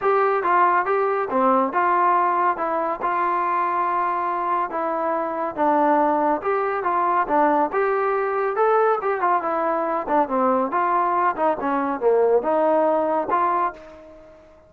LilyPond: \new Staff \with { instrumentName = "trombone" } { \time 4/4 \tempo 4 = 140 g'4 f'4 g'4 c'4 | f'2 e'4 f'4~ | f'2. e'4~ | e'4 d'2 g'4 |
f'4 d'4 g'2 | a'4 g'8 f'8 e'4. d'8 | c'4 f'4. dis'8 cis'4 | ais4 dis'2 f'4 | }